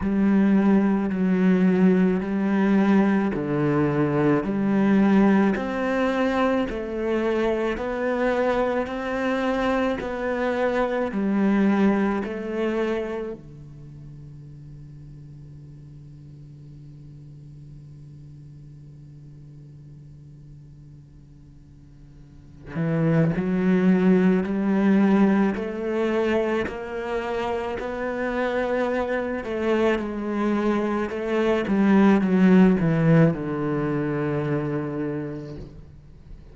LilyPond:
\new Staff \with { instrumentName = "cello" } { \time 4/4 \tempo 4 = 54 g4 fis4 g4 d4 | g4 c'4 a4 b4 | c'4 b4 g4 a4 | d1~ |
d1~ | d8 e8 fis4 g4 a4 | ais4 b4. a8 gis4 | a8 g8 fis8 e8 d2 | }